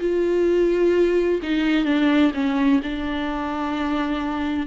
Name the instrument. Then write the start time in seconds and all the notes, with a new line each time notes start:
viola
0.00 F4
1.43 D#4
1.85 D4
2.34 C#4
2.83 D4